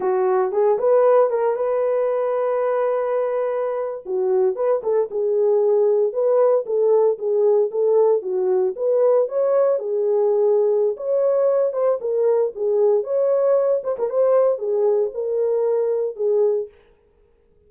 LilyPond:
\new Staff \with { instrumentName = "horn" } { \time 4/4 \tempo 4 = 115 fis'4 gis'8 b'4 ais'8 b'4~ | b'2.~ b'8. fis'16~ | fis'8. b'8 a'8 gis'2 b'16~ | b'8. a'4 gis'4 a'4 fis'16~ |
fis'8. b'4 cis''4 gis'4~ gis'16~ | gis'4 cis''4. c''8 ais'4 | gis'4 cis''4. c''16 ais'16 c''4 | gis'4 ais'2 gis'4 | }